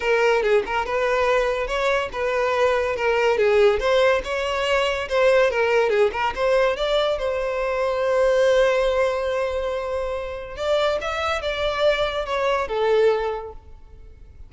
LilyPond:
\new Staff \with { instrumentName = "violin" } { \time 4/4 \tempo 4 = 142 ais'4 gis'8 ais'8 b'2 | cis''4 b'2 ais'4 | gis'4 c''4 cis''2 | c''4 ais'4 gis'8 ais'8 c''4 |
d''4 c''2.~ | c''1~ | c''4 d''4 e''4 d''4~ | d''4 cis''4 a'2 | }